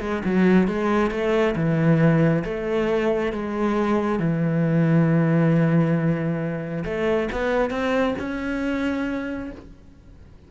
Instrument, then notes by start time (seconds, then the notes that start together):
cello
0.00 G#3
0.24 F#3
0.67 G#3
1.10 A3
1.55 E3
2.44 A3
3.32 G#3
4.19 E3
6.84 A3
7.32 B3
7.70 C4
8.18 C#4